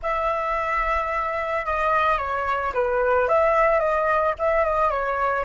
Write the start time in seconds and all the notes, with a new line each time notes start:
0.02 E5
1.65 D#5
2.18 C#5
2.73 B4
3.28 E5
3.79 D#5
4.38 E5
4.64 D#5
4.90 C#5